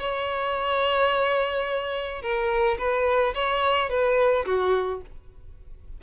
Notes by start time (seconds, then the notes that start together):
0.00 C#5
2.22 A#4
2.79 B4
3.35 C#5
3.90 B4
4.46 F#4